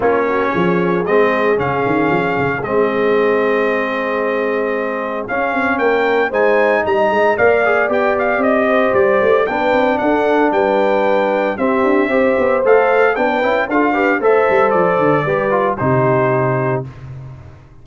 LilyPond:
<<
  \new Staff \with { instrumentName = "trumpet" } { \time 4/4 \tempo 4 = 114 cis''2 dis''4 f''4~ | f''4 dis''2.~ | dis''2 f''4 g''4 | gis''4 ais''4 f''4 g''8 f''8 |
dis''4 d''4 g''4 fis''4 | g''2 e''2 | f''4 g''4 f''4 e''4 | d''2 c''2 | }
  \new Staff \with { instrumentName = "horn" } { \time 4/4 f'8 fis'8 gis'2.~ | gis'1~ | gis'2. ais'4 | c''4 dis''4 d''2~ |
d''8 c''4. b'4 a'4 | b'2 g'4 c''4~ | c''4 b'4 a'8 b'8 c''4~ | c''4 b'4 g'2 | }
  \new Staff \with { instrumentName = "trombone" } { \time 4/4 cis'2 c'4 cis'4~ | cis'4 c'2.~ | c'2 cis'2 | dis'2 ais'8 gis'8 g'4~ |
g'2 d'2~ | d'2 c'4 g'4 | a'4 d'8 e'8 f'8 g'8 a'4~ | a'4 g'8 f'8 dis'2 | }
  \new Staff \with { instrumentName = "tuba" } { \time 4/4 ais4 f4 gis4 cis8 dis8 | f8 cis8 gis2.~ | gis2 cis'8 c'8 ais4 | gis4 g8 gis8 ais4 b4 |
c'4 g8 a8 b8 c'8 d'4 | g2 c'8 d'8 c'8 b8 | a4 b8 cis'8 d'4 a8 g8 | f8 d8 g4 c2 | }
>>